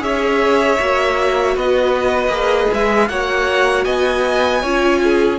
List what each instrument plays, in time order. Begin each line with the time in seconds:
0.00 cello C#4, viola G#4, violin C#5 E5
0.80 cello A#3, viola F#4
1.55 cello B3, violin B4 D#5
2.29 cello A#3, viola G#4
2.74 cello G#3, violin E5
3.09 cello A#3, viola F#4, violin C#5 F#5
3.85 cello B3, violin D#5 G#5
4.62 cello C#4, viola F4, violin C#5
5.04 violin G#4